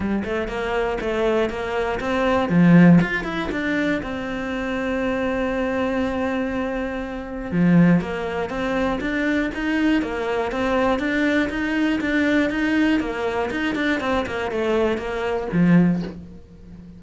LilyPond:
\new Staff \with { instrumentName = "cello" } { \time 4/4 \tempo 4 = 120 g8 a8 ais4 a4 ais4 | c'4 f4 f'8 e'8 d'4 | c'1~ | c'2. f4 |
ais4 c'4 d'4 dis'4 | ais4 c'4 d'4 dis'4 | d'4 dis'4 ais4 dis'8 d'8 | c'8 ais8 a4 ais4 f4 | }